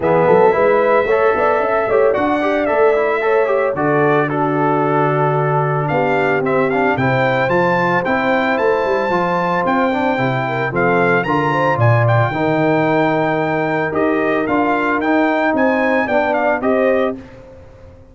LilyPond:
<<
  \new Staff \with { instrumentName = "trumpet" } { \time 4/4 \tempo 4 = 112 e''1 | fis''4 e''2 d''4 | a'2. f''4 | e''8 f''8 g''4 a''4 g''4 |
a''2 g''2 | f''4 ais''4 gis''8 g''4.~ | g''2 dis''4 f''4 | g''4 gis''4 g''8 f''8 dis''4 | }
  \new Staff \with { instrumentName = "horn" } { \time 4/4 gis'8 a'8 b'4 cis''8 d''8 e''8 cis''8 | d''2 cis''4 a'4 | fis'2. g'4~ | g'4 c''2.~ |
c''2.~ c''8 ais'8 | a'4 ais'8 c''8 d''4 ais'4~ | ais'1~ | ais'4 c''4 d''4 c''4 | }
  \new Staff \with { instrumentName = "trombone" } { \time 4/4 b4 e'4 a'4. g'8 | fis'8 g'8 a'8 e'8 a'8 g'8 fis'4 | d'1 | c'8 d'8 e'4 f'4 e'4~ |
e'4 f'4. d'8 e'4 | c'4 f'2 dis'4~ | dis'2 g'4 f'4 | dis'2 d'4 g'4 | }
  \new Staff \with { instrumentName = "tuba" } { \time 4/4 e8 fis8 gis4 a8 b8 cis'8 a8 | d'4 a2 d4~ | d2. b4 | c'4 c4 f4 c'4 |
a8 g8 f4 c'4 c4 | f4 d4 ais,4 dis4~ | dis2 dis'4 d'4 | dis'4 c'4 b4 c'4 | }
>>